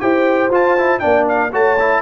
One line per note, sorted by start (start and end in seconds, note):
0.00 0.49 E4
0.00 0.50 G4
0.00 1.01 C5
0.00 0.50 G5
0.49 0.99 F4
0.49 0.77 F4
0.49 0.99 A5
0.78 1.00 E4
0.99 1.52 A#3
0.99 1.50 D4
0.99 1.51 D5
0.99 1.24 G5
1.28 1.53 F5
1.51 2.02 A3
1.51 1.77 F#4
1.51 2.01 C#5
1.51 2.02 A5
1.79 2.02 E4